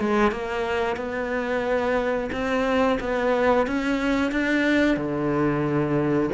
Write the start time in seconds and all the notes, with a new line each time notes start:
0.00 G#3
0.32 A#3
0.97 B3
2.32 C4
3.00 B3
3.67 C#4
4.32 D4
4.97 D3